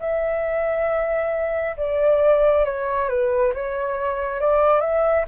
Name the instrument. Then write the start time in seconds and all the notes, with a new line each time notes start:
flute
0.00 E5
1.77 D5
2.65 C#5
3.09 B4
3.55 C#5
4.41 D5
4.81 E5